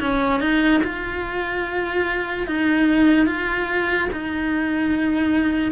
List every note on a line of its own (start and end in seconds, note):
0.00 0.40 C#4
0.40 0.81 D#4
0.83 2.47 F4
2.47 3.26 D#4
3.26 4.08 F4
4.12 5.72 D#4